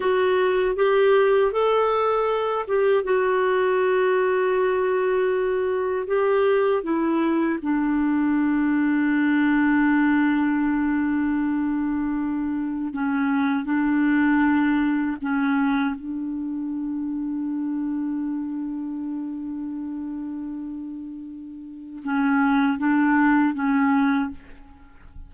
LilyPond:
\new Staff \with { instrumentName = "clarinet" } { \time 4/4 \tempo 4 = 79 fis'4 g'4 a'4. g'8 | fis'1 | g'4 e'4 d'2~ | d'1~ |
d'4 cis'4 d'2 | cis'4 d'2.~ | d'1~ | d'4 cis'4 d'4 cis'4 | }